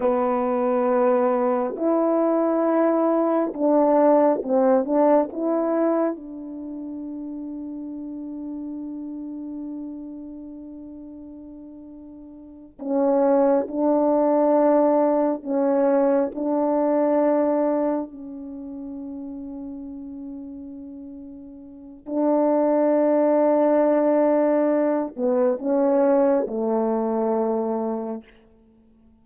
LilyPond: \new Staff \with { instrumentName = "horn" } { \time 4/4 \tempo 4 = 68 b2 e'2 | d'4 c'8 d'8 e'4 d'4~ | d'1~ | d'2~ d'8 cis'4 d'8~ |
d'4. cis'4 d'4.~ | d'8 cis'2.~ cis'8~ | cis'4 d'2.~ | d'8 b8 cis'4 a2 | }